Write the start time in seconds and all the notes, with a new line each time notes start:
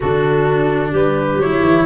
0.00 D3 D4 F#4 A4
0.91 G3 G4 B4
1.37 F#3 E4 C#5
1.61 E3